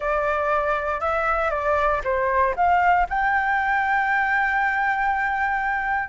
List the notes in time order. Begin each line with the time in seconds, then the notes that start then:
0.00 D5
1.00 E5
1.50 D5
2.04 C5
2.55 F5
3.09 G5